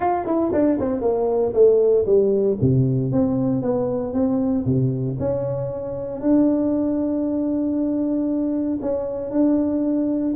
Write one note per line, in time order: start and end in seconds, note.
0.00 0.26 F4
0.26 0.52 E4
0.53 0.79 D4
0.79 1.01 C4
1.01 1.53 A#3
1.53 2.05 A3
2.05 2.57 G3
2.61 3.12 C3
3.12 3.62 C4
3.62 4.13 B3
4.13 4.65 C4
4.65 5.17 C3
5.19 6.20 C#4
6.20 8.79 D4
8.81 9.31 C#4
9.31 10.34 D4